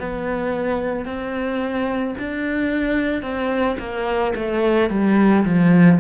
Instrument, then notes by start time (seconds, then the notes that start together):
cello
0.00 B3
1.06 C4
2.19 D4
3.22 C4
3.79 A#3
4.35 A3
4.90 G3
5.45 F3